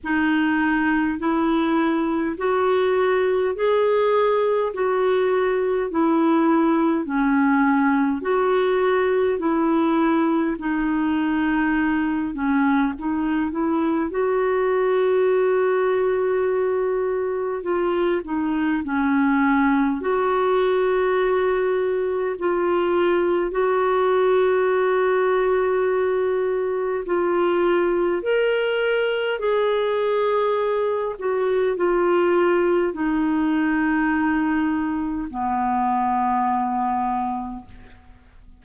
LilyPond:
\new Staff \with { instrumentName = "clarinet" } { \time 4/4 \tempo 4 = 51 dis'4 e'4 fis'4 gis'4 | fis'4 e'4 cis'4 fis'4 | e'4 dis'4. cis'8 dis'8 e'8 | fis'2. f'8 dis'8 |
cis'4 fis'2 f'4 | fis'2. f'4 | ais'4 gis'4. fis'8 f'4 | dis'2 b2 | }